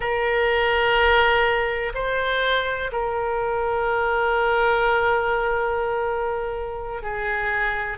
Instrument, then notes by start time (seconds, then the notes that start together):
oboe
0.00 A#4
1.94 C5
2.92 A#4
7.02 G#4